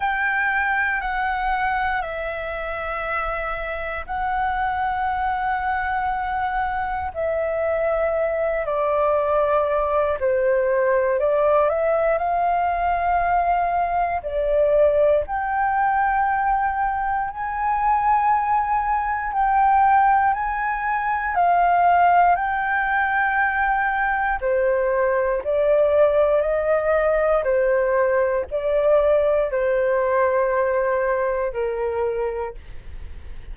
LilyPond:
\new Staff \with { instrumentName = "flute" } { \time 4/4 \tempo 4 = 59 g''4 fis''4 e''2 | fis''2. e''4~ | e''8 d''4. c''4 d''8 e''8 | f''2 d''4 g''4~ |
g''4 gis''2 g''4 | gis''4 f''4 g''2 | c''4 d''4 dis''4 c''4 | d''4 c''2 ais'4 | }